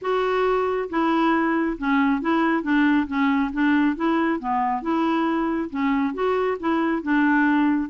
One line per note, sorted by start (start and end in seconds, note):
0.01 0.89 F#4
0.89 1.77 E4
1.78 2.21 C#4
2.21 2.63 E4
2.63 3.06 D4
3.07 3.51 C#4
3.53 3.96 D4
3.96 4.39 E4
4.39 4.82 B3
4.82 5.69 E4
5.70 6.14 C#4
6.14 6.57 F#4
6.59 7.02 E4
7.02 7.89 D4